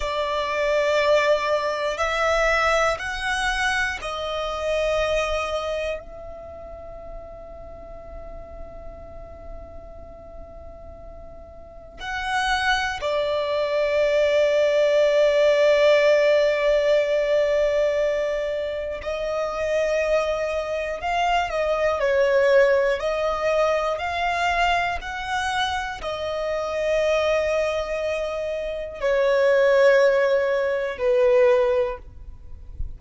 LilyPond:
\new Staff \with { instrumentName = "violin" } { \time 4/4 \tempo 4 = 60 d''2 e''4 fis''4 | dis''2 e''2~ | e''1 | fis''4 d''2.~ |
d''2. dis''4~ | dis''4 f''8 dis''8 cis''4 dis''4 | f''4 fis''4 dis''2~ | dis''4 cis''2 b'4 | }